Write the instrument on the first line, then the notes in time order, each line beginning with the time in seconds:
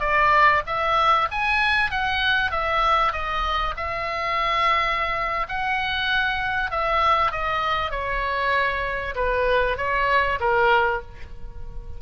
oboe
0.00 D5
0.66 E5
1.31 G#5
1.91 F#5
2.51 E5
3.12 D#5
3.76 E5
5.48 F#5
6.71 E5
7.31 D#5
7.91 C#5
9.15 B4
9.77 C#5
10.40 A#4